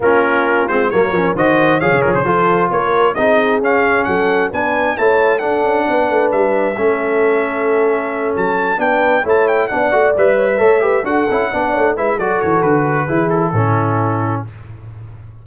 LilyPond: <<
  \new Staff \with { instrumentName = "trumpet" } { \time 4/4 \tempo 4 = 133 ais'4. c''8 cis''4 dis''4 | f''8 ais'16 c''4~ c''16 cis''4 dis''4 | f''4 fis''4 gis''4 a''4 | fis''2 e''2~ |
e''2~ e''8 a''4 g''8~ | g''8 a''8 g''8 fis''4 e''4.~ | e''8 fis''2 e''8 d''8 cis''8 | b'4. a'2~ a'8 | }
  \new Staff \with { instrumentName = "horn" } { \time 4/4 f'2 ais'4 c''4 | cis''4 a'4 ais'4 gis'4~ | gis'4 a'4 b'4 cis''4 | a'4 b'2 a'4~ |
a'2.~ a'8 b'8~ | b'8 cis''4 d''4. cis''16 b'16 cis''8 | b'8 a'4 d''8 cis''8 b'8 a'4~ | a'4 gis'4 e'2 | }
  \new Staff \with { instrumentName = "trombone" } { \time 4/4 cis'4. c'8 ais8 cis'8 fis'4 | gis'4 f'2 dis'4 | cis'2 d'4 e'4 | d'2. cis'4~ |
cis'2.~ cis'8 d'8~ | d'8 e'4 d'8 fis'8 b'4 a'8 | g'8 fis'8 e'8 d'4 e'8 fis'4~ | fis'4 e'4 cis'2 | }
  \new Staff \with { instrumentName = "tuba" } { \time 4/4 ais4. gis8 fis8 f8 dis4 | f16 cis16 f16 cis16 f4 ais4 c'4 | cis'4 fis4 b4 a4 | d'8 cis'8 b8 a8 g4 a4~ |
a2~ a8 fis4 b8~ | b8 a4 b8 a8 g4 a8~ | a8 d'8 cis'8 b8 a8 gis8 fis8 e8 | d4 e4 a,2 | }
>>